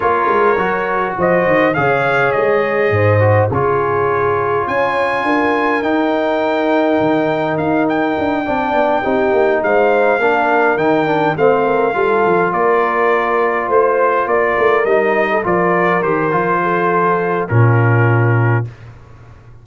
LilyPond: <<
  \new Staff \with { instrumentName = "trumpet" } { \time 4/4 \tempo 4 = 103 cis''2 dis''4 f''4 | dis''2 cis''2 | gis''2 g''2~ | g''4 f''8 g''2~ g''8~ |
g''8 f''2 g''4 f''8~ | f''4. d''2 c''8~ | c''8 d''4 dis''4 d''4 c''8~ | c''2 ais'2 | }
  \new Staff \with { instrumentName = "horn" } { \time 4/4 ais'2 c''4 cis''4~ | cis''4 c''4 gis'2 | cis''4 ais'2.~ | ais'2~ ais'8 d''4 g'8~ |
g'8 c''4 ais'2 c''8 | ais'8 a'4 ais'2 c''8~ | c''8 ais'4.~ ais'16 a'16 ais'4.~ | ais'8 a'4. f'2 | }
  \new Staff \with { instrumentName = "trombone" } { \time 4/4 f'4 fis'2 gis'4~ | gis'4. fis'8 f'2~ | f'2 dis'2~ | dis'2~ dis'8 d'4 dis'8~ |
dis'4. d'4 dis'8 d'8 c'8~ | c'8 f'2.~ f'8~ | f'4. dis'4 f'4 g'8 | f'2 cis'2 | }
  \new Staff \with { instrumentName = "tuba" } { \time 4/4 ais8 gis8 fis4 f8 dis8 cis4 | gis4 gis,4 cis2 | cis'4 d'4 dis'2 | dis4 dis'4 d'8 c'8 b8 c'8 |
ais8 gis4 ais4 dis4 a8~ | a8 g8 f8 ais2 a8~ | a8 ais8 a8 g4 f4 dis8 | f2 ais,2 | }
>>